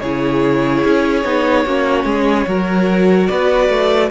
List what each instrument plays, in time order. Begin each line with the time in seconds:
0.00 cello C#3, viola E4, violin G#4 C#5
0.85 cello C#4
1.24 cello B3, viola D#4
1.66 cello A#3, viola C#4, violin F#4
2.05 cello G#3, violin G#4
2.47 cello F#3, viola F#4, violin A#4
3.27 cello B3, violin B4 D5
3.69 cello A3